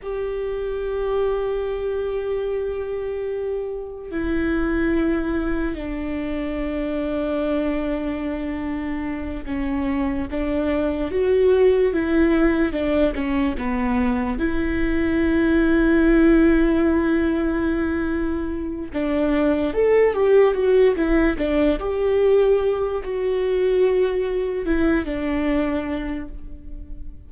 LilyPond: \new Staff \with { instrumentName = "viola" } { \time 4/4 \tempo 4 = 73 g'1~ | g'4 e'2 d'4~ | d'2.~ d'8 cis'8~ | cis'8 d'4 fis'4 e'4 d'8 |
cis'8 b4 e'2~ e'8~ | e'2. d'4 | a'8 g'8 fis'8 e'8 d'8 g'4. | fis'2 e'8 d'4. | }